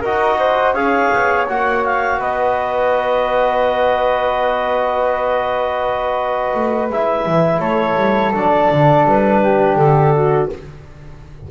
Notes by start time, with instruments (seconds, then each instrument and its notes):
0.00 double bass D#4, trombone F#4, flute A#4, clarinet D#5
0.39 flute C5
0.73 double bass C#4, trombone G#4, flute C#5, clarinet F5
1.13 double bass B3
1.48 double bass A#3, trombone F#4, clarinet F#5
1.85 clarinet F5
2.18 double bass B3, flute B4, clarinet D#5
6.54 double bass A3
6.89 double bass G#3, trombone E4, clarinet E5
7.26 double bass E3
7.59 double bass A3, flute A4, clarinet C#5
7.95 double bass G3
8.33 double bass F#3, trombone D4, clarinet D5
8.71 double bass D3
9.05 double bass G3, clarinet B4
9.42 flute G4
9.76 double bass D3, clarinet A4
10.13 flute F#4